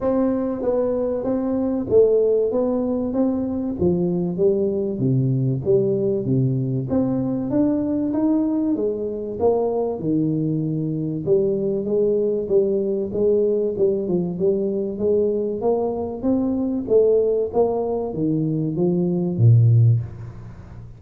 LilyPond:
\new Staff \with { instrumentName = "tuba" } { \time 4/4 \tempo 4 = 96 c'4 b4 c'4 a4 | b4 c'4 f4 g4 | c4 g4 c4 c'4 | d'4 dis'4 gis4 ais4 |
dis2 g4 gis4 | g4 gis4 g8 f8 g4 | gis4 ais4 c'4 a4 | ais4 dis4 f4 ais,4 | }